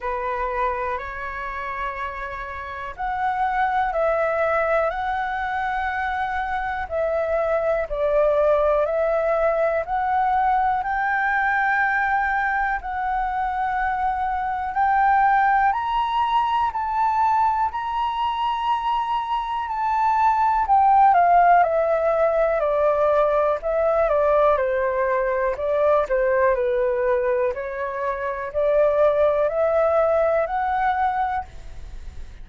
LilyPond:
\new Staff \with { instrumentName = "flute" } { \time 4/4 \tempo 4 = 61 b'4 cis''2 fis''4 | e''4 fis''2 e''4 | d''4 e''4 fis''4 g''4~ | g''4 fis''2 g''4 |
ais''4 a''4 ais''2 | a''4 g''8 f''8 e''4 d''4 | e''8 d''8 c''4 d''8 c''8 b'4 | cis''4 d''4 e''4 fis''4 | }